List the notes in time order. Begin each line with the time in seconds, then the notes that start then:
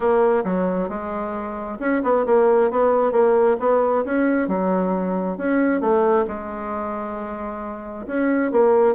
0.00 A#3
0.44 F#3
0.88 G#3
1.79 C#4
2.03 B3
2.26 A#3
2.70 B3
3.12 A#3
3.59 B3
4.05 C#4
4.48 F#3
5.37 C#4
5.80 A3
6.27 G#3
8.07 C#4
8.51 A#3